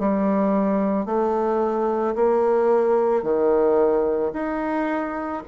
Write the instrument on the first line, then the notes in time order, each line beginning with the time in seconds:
bassoon
0.00 G3
1.06 A3
2.16 A#3
3.23 D#3
4.34 D#4